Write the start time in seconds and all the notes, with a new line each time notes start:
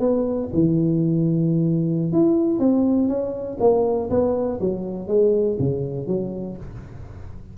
0.00 B3
0.54 E3
2.13 E4
2.60 C4
3.09 C#4
3.60 A#3
4.10 B3
4.60 F#3
5.08 G#3
5.60 C#3
6.07 F#3